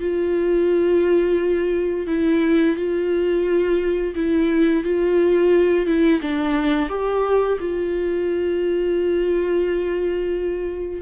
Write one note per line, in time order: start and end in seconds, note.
0.00 2.07 F4
2.07 2.76 E4
2.76 4.14 F4
4.15 4.84 E4
4.84 5.86 F4
5.86 6.21 E4
6.21 6.89 D4
6.89 7.58 G4
7.60 11.02 F4